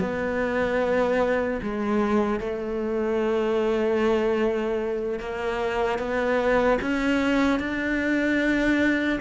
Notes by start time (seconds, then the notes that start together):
0.00 B3
1.62 G#3
2.40 A3
5.19 A#3
5.98 B3
6.81 C#4
7.59 D4